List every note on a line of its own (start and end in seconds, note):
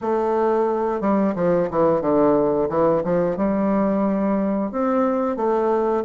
0.01 1.00 A3
1.00 1.34 G3
1.35 1.69 F3
1.70 2.01 E3
2.01 2.68 D3
2.69 3.02 E3
3.03 3.36 F3
3.36 4.71 G3
4.71 5.36 C4
5.36 6.03 A3